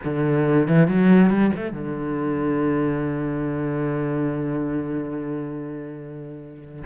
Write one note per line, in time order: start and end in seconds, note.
0.04 0.67 D3
0.67 0.87 E3
0.87 1.30 F#3
1.30 1.51 G3
1.56 1.72 A3
1.72 6.83 D3